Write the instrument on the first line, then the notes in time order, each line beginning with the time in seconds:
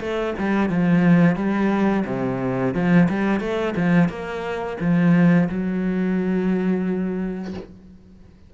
cello
0.00 A3
0.38 G3
0.69 F3
1.35 G3
2.05 C3
2.74 F3
3.09 G3
3.40 A3
3.76 F3
4.08 A#3
4.80 F3
5.49 F#3